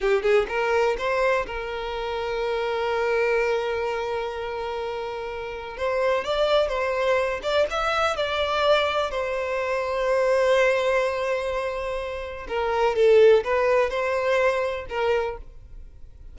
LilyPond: \new Staff \with { instrumentName = "violin" } { \time 4/4 \tempo 4 = 125 g'8 gis'8 ais'4 c''4 ais'4~ | ais'1~ | ais'1 | c''4 d''4 c''4. d''8 |
e''4 d''2 c''4~ | c''1~ | c''2 ais'4 a'4 | b'4 c''2 ais'4 | }